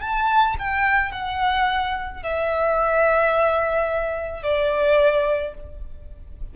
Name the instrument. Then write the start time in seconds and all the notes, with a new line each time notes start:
violin
0.00 A5
0.59 G5
1.11 F#5
2.22 E5
4.42 D5